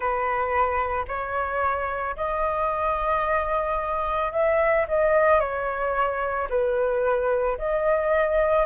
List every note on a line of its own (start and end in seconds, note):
0.00 1.05 B4
1.08 2.16 C#5
2.16 4.31 D#5
4.31 4.86 E5
4.88 5.40 D#5
5.40 6.48 C#5
6.49 7.57 B4
7.57 8.65 D#5